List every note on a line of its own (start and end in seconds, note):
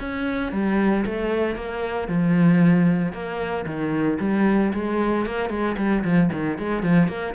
0.00 0.52 C#4
0.52 1.05 G3
1.06 1.56 A3
1.56 2.08 A#3
2.08 3.13 F3
3.13 3.66 A#3
3.66 4.19 D#3
4.20 4.72 G3
4.73 5.26 G#3
5.26 5.50 A#3
5.50 5.76 G#3
5.78 6.04 G3
6.04 6.30 F3
6.33 6.59 D#3
6.59 6.83 G#3
6.83 7.08 F3
7.08 7.34 A#3